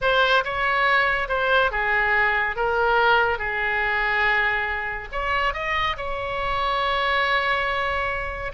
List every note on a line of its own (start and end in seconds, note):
0.01 0.44 C5
0.44 1.28 C#5
1.28 1.71 C5
1.71 2.56 G#4
2.56 3.38 A#4
3.38 5.08 G#4
5.12 5.53 C#5
5.53 5.96 D#5
5.96 8.52 C#5